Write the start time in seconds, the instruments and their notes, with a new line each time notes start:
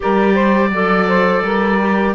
0.00 cello G3, clarinet G4, saxophone A#4, oboe D5
0.34 saxophone C5
0.69 cello F#3, clarinet A4, saxophone D5
1.07 saxophone C5
1.42 cello G3, saxophone A#4
1.79 clarinet G4